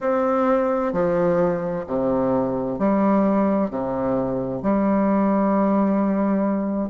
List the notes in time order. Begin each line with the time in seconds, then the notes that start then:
0.00 C4
0.92 F3
1.86 C3
2.79 G3
3.70 C3
4.62 G3